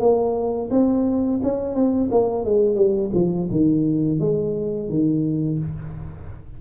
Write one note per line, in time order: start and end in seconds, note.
0.00 0.70 A#3
0.71 1.41 C4
1.43 1.75 C#4
1.75 2.10 C4
2.12 2.45 A#3
2.45 2.76 G#3
2.76 3.11 G3
3.15 3.49 F3
3.51 4.20 D#3
4.20 4.90 G#3
4.90 5.59 D#3